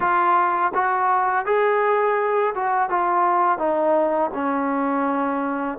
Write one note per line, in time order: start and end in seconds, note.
0.00 0.72 F4
0.74 1.45 F#4
1.45 2.53 G#4
2.54 2.89 F#4
2.89 3.58 F4
3.58 4.30 D#4
4.33 5.78 C#4